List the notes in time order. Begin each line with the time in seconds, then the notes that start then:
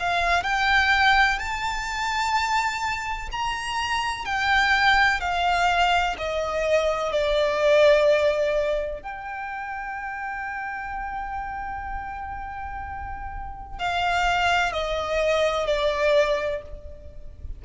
0.00 F5
0.44 G5
1.39 A5
3.32 A#5
4.26 G5
5.21 F5
6.19 D#5
7.13 D5
9.03 G5
13.79 F5
14.73 D#5
15.67 D5